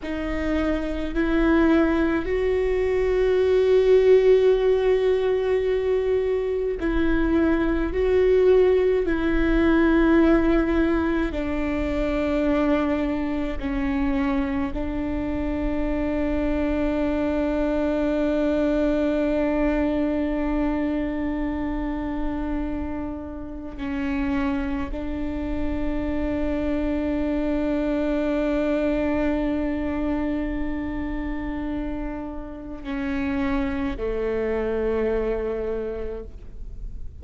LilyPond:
\new Staff \with { instrumentName = "viola" } { \time 4/4 \tempo 4 = 53 dis'4 e'4 fis'2~ | fis'2 e'4 fis'4 | e'2 d'2 | cis'4 d'2.~ |
d'1~ | d'4 cis'4 d'2~ | d'1~ | d'4 cis'4 a2 | }